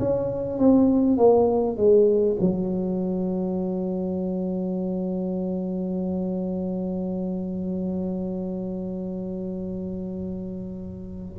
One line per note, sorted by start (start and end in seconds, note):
0.00 0.59 C#4
0.59 1.18 C4
1.18 1.77 A#3
1.77 2.37 G#3
2.41 11.39 F#3